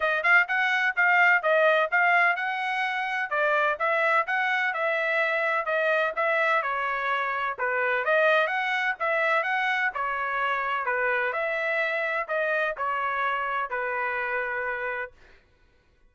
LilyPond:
\new Staff \with { instrumentName = "trumpet" } { \time 4/4 \tempo 4 = 127 dis''8 f''8 fis''4 f''4 dis''4 | f''4 fis''2 d''4 | e''4 fis''4 e''2 | dis''4 e''4 cis''2 |
b'4 dis''4 fis''4 e''4 | fis''4 cis''2 b'4 | e''2 dis''4 cis''4~ | cis''4 b'2. | }